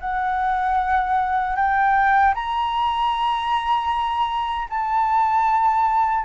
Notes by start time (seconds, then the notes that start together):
0.00 F#5
1.56 G5
2.34 A#5
4.69 A5